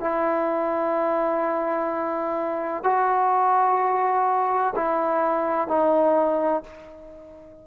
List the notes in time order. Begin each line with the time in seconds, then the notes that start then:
0.00 E4
2.84 F#4
4.76 E4
5.68 D#4